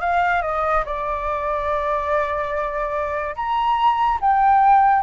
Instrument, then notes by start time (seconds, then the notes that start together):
flute
0.00 F5
0.42 D#5
0.85 D5
3.35 A#5
4.20 G5